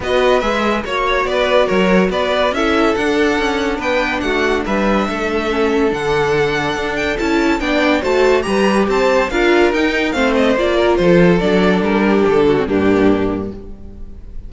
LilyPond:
<<
  \new Staff \with { instrumentName = "violin" } { \time 4/4 \tempo 4 = 142 dis''4 e''4 cis''4 d''4 | cis''4 d''4 e''4 fis''4~ | fis''4 g''4 fis''4 e''4~ | e''2 fis''2~ |
fis''8 g''8 a''4 g''4 a''4 | ais''4 a''4 f''4 g''4 | f''8 dis''8 d''4 c''4 d''4 | ais'4 a'4 g'2 | }
  \new Staff \with { instrumentName = "violin" } { \time 4/4 b'2 cis''4 b'4 | ais'4 b'4 a'2~ | a'4 b'4 fis'4 b'4 | a'1~ |
a'2 d''4 c''4 | b'4 c''4 ais'2 | c''4. ais'8 a'2~ | a'8 g'4 fis'8 d'2 | }
  \new Staff \with { instrumentName = "viola" } { \time 4/4 fis'4 gis'4 fis'2~ | fis'2 e'4 d'4~ | d'1~ | d'4 cis'4 d'2~ |
d'4 e'4 d'4 fis'4 | g'2 f'4 dis'4 | c'4 f'2 d'4~ | d'4.~ d'16 c'16 ais2 | }
  \new Staff \with { instrumentName = "cello" } { \time 4/4 b4 gis4 ais4 b4 | fis4 b4 cis'4 d'4 | cis'4 b4 a4 g4 | a2 d2 |
d'4 cis'4 b4 a4 | g4 c'4 d'4 dis'4 | a4 ais4 f4 fis4 | g4 d4 g,2 | }
>>